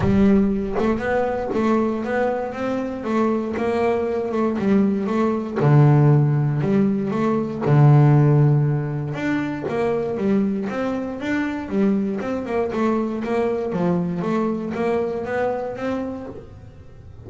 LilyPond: \new Staff \with { instrumentName = "double bass" } { \time 4/4 \tempo 4 = 118 g4. a8 b4 a4 | b4 c'4 a4 ais4~ | ais8 a8 g4 a4 d4~ | d4 g4 a4 d4~ |
d2 d'4 ais4 | g4 c'4 d'4 g4 | c'8 ais8 a4 ais4 f4 | a4 ais4 b4 c'4 | }